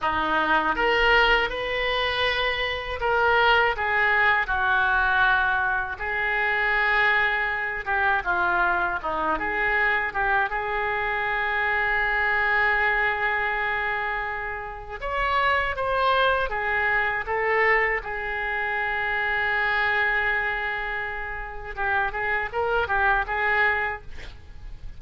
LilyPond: \new Staff \with { instrumentName = "oboe" } { \time 4/4 \tempo 4 = 80 dis'4 ais'4 b'2 | ais'4 gis'4 fis'2 | gis'2~ gis'8 g'8 f'4 | dis'8 gis'4 g'8 gis'2~ |
gis'1 | cis''4 c''4 gis'4 a'4 | gis'1~ | gis'4 g'8 gis'8 ais'8 g'8 gis'4 | }